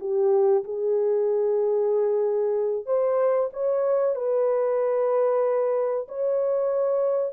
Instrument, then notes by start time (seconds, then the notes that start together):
horn
0.00 G4
0.64 G#4
2.86 C5
3.53 C#5
4.15 B4
6.08 C#5